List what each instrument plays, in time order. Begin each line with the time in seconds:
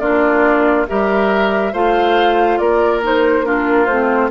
0.00 bassoon A#3, clarinet D4, oboe F4, flute D5
0.88 bassoon G3, clarinet G4, oboe A#4, flute E5
1.73 bassoon A3, clarinet F4, oboe C5, flute F5
2.59 bassoon A#3, oboe A#4, flute D5
3.03 clarinet D#4, flute C5
3.44 clarinet D4, oboe F4, flute A#4
3.87 bassoon A3, clarinet C4, flute C5